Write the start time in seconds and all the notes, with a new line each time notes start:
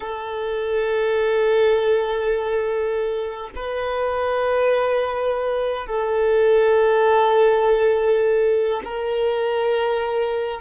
0.00 A4
3.56 B4
5.87 A4
8.84 A#4